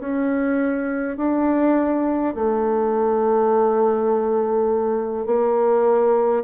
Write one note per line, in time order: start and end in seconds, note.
0.00 1.17 C#4
1.17 2.35 D4
2.35 5.26 A3
5.26 6.44 A#3